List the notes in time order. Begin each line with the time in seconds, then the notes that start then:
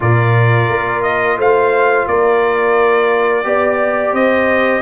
0.00 A#2 F4 A#4 D5
0.68 A#3
1.03 D#5
1.37 A3 C5 F5
2.07 A#3 A#4 D5
3.44 B3 G4 D5
4.12 C4 C5 D#5